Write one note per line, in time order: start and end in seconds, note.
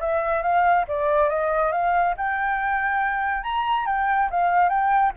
0.00 0.42 E5
0.42 0.85 F5
0.88 1.29 D5
1.29 1.72 D#5
1.72 2.15 F5
2.17 3.43 G5
3.43 3.86 A#5
3.86 4.29 G5
4.31 4.69 F5
4.69 5.12 G5